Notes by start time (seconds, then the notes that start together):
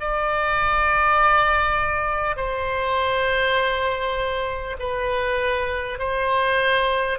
0.00 D5
2.36 C5
4.79 B4
5.99 C5